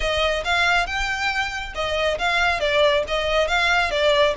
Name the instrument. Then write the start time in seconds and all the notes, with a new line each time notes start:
violin
0.00 D#5
0.44 F5
0.86 G5
1.74 D#5
2.18 F5
2.60 D5
3.07 D#5
3.47 F5
3.90 D5